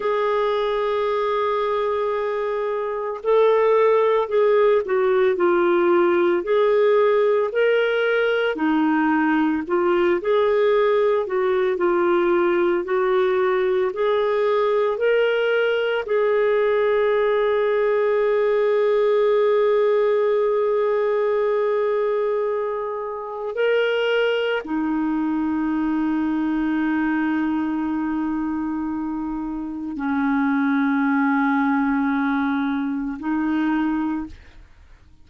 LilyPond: \new Staff \with { instrumentName = "clarinet" } { \time 4/4 \tempo 4 = 56 gis'2. a'4 | gis'8 fis'8 f'4 gis'4 ais'4 | dis'4 f'8 gis'4 fis'8 f'4 | fis'4 gis'4 ais'4 gis'4~ |
gis'1~ | gis'2 ais'4 dis'4~ | dis'1 | cis'2. dis'4 | }